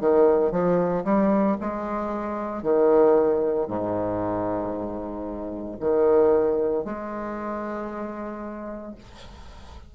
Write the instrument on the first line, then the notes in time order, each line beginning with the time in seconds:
bassoon
0.00 D#3
0.51 F3
1.04 G3
1.61 G#3
2.63 D#3
3.67 G#2
5.80 D#3
6.85 G#3